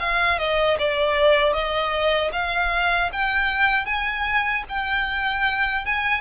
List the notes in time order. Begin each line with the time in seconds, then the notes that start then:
0.00 F5
0.39 D#5
0.79 D5
1.53 D#5
2.33 F5
3.13 G5
3.86 G#5
4.69 G5
5.86 G#5